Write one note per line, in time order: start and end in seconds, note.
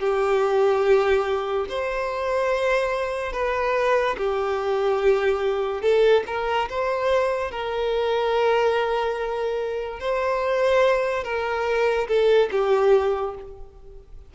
0.00 1.67 G4
1.70 3.33 C5
3.33 4.16 B4
4.18 5.82 G4
5.82 6.24 A4
6.27 6.69 A#4
6.70 7.51 C5
7.51 10.00 A#4
10.00 11.24 C5
11.24 12.08 A#4
12.08 12.50 A4
12.52 13.35 G4